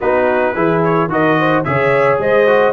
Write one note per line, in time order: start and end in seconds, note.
0.00 0.56 B3
0.00 0.55 D#4
0.00 0.53 F#4
0.00 0.83 B4
0.53 1.08 E3
0.53 1.09 E4
0.53 1.08 G#4
0.83 1.11 C#5
1.08 1.63 D#3
1.08 1.64 F#4
1.08 1.38 A#4
1.08 1.63 D#5
1.38 1.66 C5
1.63 2.18 C#3
1.63 2.46 G#4
1.63 2.20 C#5
1.63 2.18 E5
2.18 2.73 G#3
2.18 2.73 C5
2.18 2.73 D#5
2.46 2.73 F#4